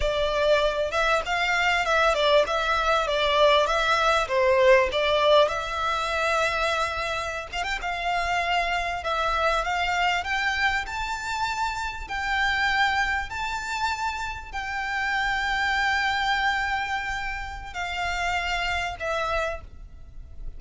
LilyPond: \new Staff \with { instrumentName = "violin" } { \time 4/4 \tempo 4 = 98 d''4. e''8 f''4 e''8 d''8 | e''4 d''4 e''4 c''4 | d''4 e''2.~ | e''16 f''16 g''16 f''2 e''4 f''16~ |
f''8. g''4 a''2 g''16~ | g''4.~ g''16 a''2 g''16~ | g''1~ | g''4 f''2 e''4 | }